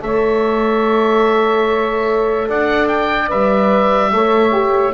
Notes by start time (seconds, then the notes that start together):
0.00 A3 A4 C#5 E5
2.48 D4 D5 F#5
2.88 G5
3.28 G3 B4 E5
4.12 A3 A4 C#5
4.52 G4